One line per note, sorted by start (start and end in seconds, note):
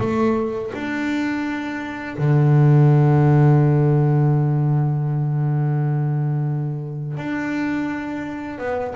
0.00 0.71 A3
0.74 2.17 D4
2.17 7.17 D3
7.17 8.58 D4
8.58 8.94 B3